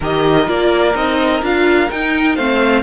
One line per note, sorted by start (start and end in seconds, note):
0.00 0.47 D#3
0.00 0.45 G4
0.00 2.35 A#4
0.00 0.48 D#5
0.45 0.95 A#3
0.45 0.93 F4
0.45 0.96 D5
0.94 1.42 C4
0.94 1.41 D#4
0.94 1.43 D#5
1.42 1.89 D4
1.42 1.89 F4
1.42 1.91 F5
1.90 2.37 D#4
1.90 2.35 G5
2.35 2.83 A3
2.35 2.83 C4
2.35 2.82 C5
2.35 2.82 F5